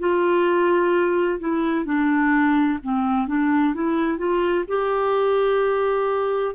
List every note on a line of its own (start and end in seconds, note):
0.00 1.40 F4
1.40 1.86 E4
1.86 2.80 D4
2.83 3.28 C4
3.28 3.75 D4
3.75 4.18 E4
4.18 4.65 F4
4.68 6.55 G4